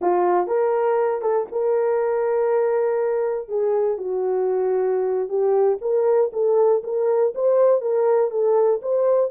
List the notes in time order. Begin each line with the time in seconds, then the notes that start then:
0.01 F4
0.47 A#4
1.21 A4
1.51 A#4
3.48 G#4
3.97 F#4
5.28 G4
5.81 A#4
6.32 A4
6.83 A#4
7.35 C5
7.81 A#4
8.30 A4
8.82 C5